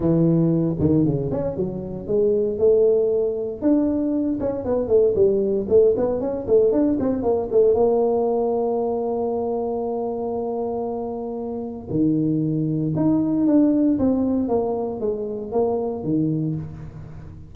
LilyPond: \new Staff \with { instrumentName = "tuba" } { \time 4/4 \tempo 4 = 116 e4. dis8 cis8 cis'8 fis4 | gis4 a2 d'4~ | d'8 cis'8 b8 a8 g4 a8 b8 | cis'8 a8 d'8 c'8 ais8 a8 ais4~ |
ais1~ | ais2. dis4~ | dis4 dis'4 d'4 c'4 | ais4 gis4 ais4 dis4 | }